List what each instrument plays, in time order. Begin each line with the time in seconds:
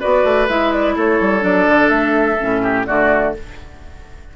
0.00 bassoon B3, clarinet F#4, oboe B4, flute D5
0.24 bassoon A3
0.48 bassoon G#3, clarinet E4, flute E5
0.72 flute D5
0.95 bassoon A3, oboe A4, flute C#5
1.20 bassoon G3
1.40 bassoon F#3, clarinet D4, flute D5
1.68 bassoon D3
1.89 bassoon A3, flute E5
2.40 bassoon A2, clarinet C#4
2.62 oboe G4
2.86 bassoon D3, clarinet A3, oboe F#4, flute D5